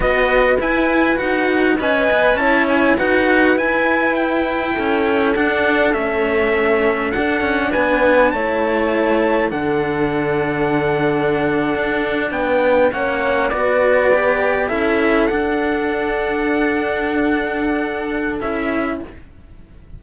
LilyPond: <<
  \new Staff \with { instrumentName = "trumpet" } { \time 4/4 \tempo 4 = 101 dis''4 gis''4 fis''4 gis''4 | a''8 gis''8 fis''4 gis''4 g''4~ | g''4 fis''4 e''2 | fis''4 gis''4 a''2 |
fis''1~ | fis''8. g''4 fis''4 d''4~ d''16~ | d''8. e''4 fis''2~ fis''16~ | fis''2. e''4 | }
  \new Staff \with { instrumentName = "horn" } { \time 4/4 b'2. dis''4 | cis''4 b'2. | a'1~ | a'4 b'4 cis''2 |
a'1~ | a'8. b'4 cis''4 b'4~ b'16~ | b'8. a'2.~ a'16~ | a'1 | }
  \new Staff \with { instrumentName = "cello" } { \time 4/4 fis'4 e'4 fis'4 b'4 | e'4 fis'4 e'2~ | e'4 d'4 cis'2 | d'2 e'2 |
d'1~ | d'4.~ d'16 cis'4 fis'4 g'16~ | g'8. e'4 d'2~ d'16~ | d'2. e'4 | }
  \new Staff \with { instrumentName = "cello" } { \time 4/4 b4 e'4 dis'4 cis'8 b8 | cis'4 dis'4 e'2 | cis'4 d'4 a2 | d'8 cis'8 b4 a2 |
d2.~ d8. d'16~ | d'8. b4 ais4 b4~ b16~ | b8. cis'4 d'2~ d'16~ | d'2. cis'4 | }
>>